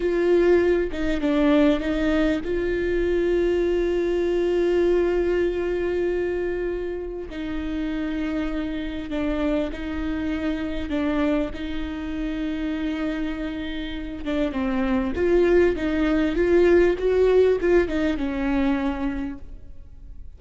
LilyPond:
\new Staff \with { instrumentName = "viola" } { \time 4/4 \tempo 4 = 99 f'4. dis'8 d'4 dis'4 | f'1~ | f'1 | dis'2. d'4 |
dis'2 d'4 dis'4~ | dis'2.~ dis'8 d'8 | c'4 f'4 dis'4 f'4 | fis'4 f'8 dis'8 cis'2 | }